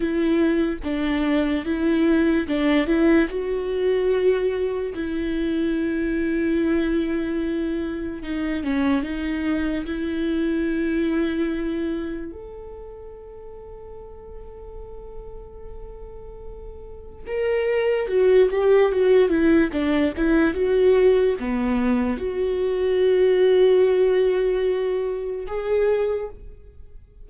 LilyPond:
\new Staff \with { instrumentName = "viola" } { \time 4/4 \tempo 4 = 73 e'4 d'4 e'4 d'8 e'8 | fis'2 e'2~ | e'2 dis'8 cis'8 dis'4 | e'2. a'4~ |
a'1~ | a'4 ais'4 fis'8 g'8 fis'8 e'8 | d'8 e'8 fis'4 b4 fis'4~ | fis'2. gis'4 | }